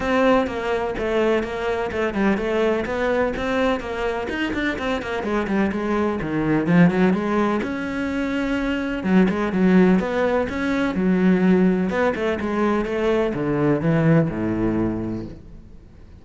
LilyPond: \new Staff \with { instrumentName = "cello" } { \time 4/4 \tempo 4 = 126 c'4 ais4 a4 ais4 | a8 g8 a4 b4 c'4 | ais4 dis'8 d'8 c'8 ais8 gis8 g8 | gis4 dis4 f8 fis8 gis4 |
cis'2. fis8 gis8 | fis4 b4 cis'4 fis4~ | fis4 b8 a8 gis4 a4 | d4 e4 a,2 | }